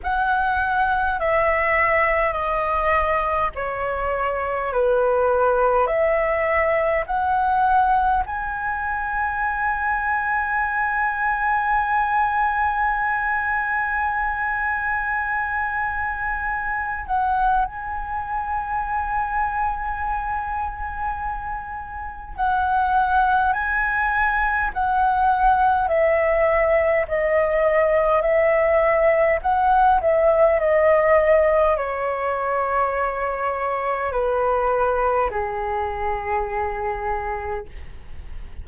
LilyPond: \new Staff \with { instrumentName = "flute" } { \time 4/4 \tempo 4 = 51 fis''4 e''4 dis''4 cis''4 | b'4 e''4 fis''4 gis''4~ | gis''1~ | gis''2~ gis''8 fis''8 gis''4~ |
gis''2. fis''4 | gis''4 fis''4 e''4 dis''4 | e''4 fis''8 e''8 dis''4 cis''4~ | cis''4 b'4 gis'2 | }